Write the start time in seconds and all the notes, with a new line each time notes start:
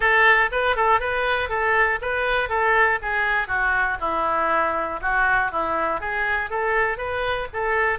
0.00 A4
0.51 B4
0.75 A4
1.00 B4
1.49 A4
2.01 B4
2.49 A4
3.01 G#4
3.47 F#4
4.00 E4
5.01 F#4
5.51 E4
6.00 G#4
6.50 A4
6.97 B4
7.53 A4